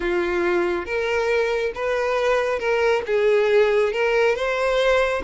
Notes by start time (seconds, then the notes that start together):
0.00 F4
0.85 A#4
1.75 B4
2.59 A#4
3.06 G#4
3.92 A#4
4.35 C5